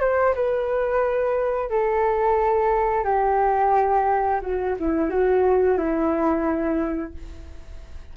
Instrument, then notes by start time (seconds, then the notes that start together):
flute
0.00 C5
0.34 B4
1.70 A4
3.04 G4
4.41 F#4
4.79 E4
5.10 F#4
5.77 E4